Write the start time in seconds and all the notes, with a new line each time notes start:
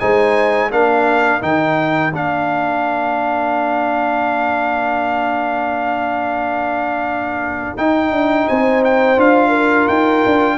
0.00 G#3 D#4 C5 G#5
0.71 A#3 D4 A#4 F5
1.41 D#3 D#4 G5
2.13 A#3 D4 F5
7.77 D#4 G5
8.11 D4
8.48 C4 C5 G#5
8.85 G5
9.17 D4 F4 F5
9.49 A#4
9.88 D#4 G5
10.26 D4